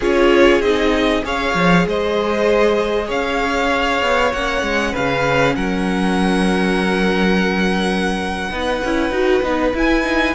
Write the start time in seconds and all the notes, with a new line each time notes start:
0.00 C#4 F4 G#4 C#5
0.60 C4 D#4 D#5
1.22 C#4 G#4 C#5 F5
1.54 F3
1.86 G#3 C5 D#5
3.07 C#4 C#5 F5
4.01 B3
4.32 A#3 C#4 F#5
4.61 G#3
4.91 C#3 B4 F5
5.55 F#3 A#4 F#5
8.50 B3 D#4 B4
8.83 C#4 E4
9.10 D#4 F#4
9.42 B3 D#4
9.73 E4 G#5
10.03 D#4